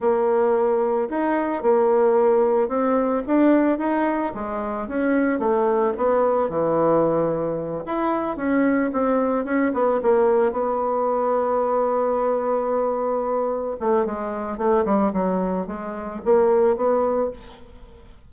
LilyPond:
\new Staff \with { instrumentName = "bassoon" } { \time 4/4 \tempo 4 = 111 ais2 dis'4 ais4~ | ais4 c'4 d'4 dis'4 | gis4 cis'4 a4 b4 | e2~ e8 e'4 cis'8~ |
cis'8 c'4 cis'8 b8 ais4 b8~ | b1~ | b4. a8 gis4 a8 g8 | fis4 gis4 ais4 b4 | }